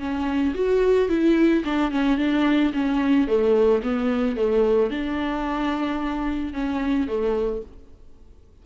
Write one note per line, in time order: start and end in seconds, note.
0.00 0.55 C#4
0.55 1.10 F#4
1.10 1.64 E4
1.65 1.92 D4
1.92 2.18 C#4
2.18 2.73 D4
2.73 3.28 C#4
3.28 3.83 A3
3.84 4.37 B3
4.37 4.91 A3
4.91 6.54 D4
6.54 7.08 C#4
7.08 7.63 A3